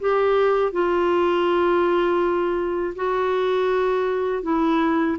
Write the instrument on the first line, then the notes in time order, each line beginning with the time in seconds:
clarinet
0.00 G4
0.72 F4
2.96 F#4
4.43 E4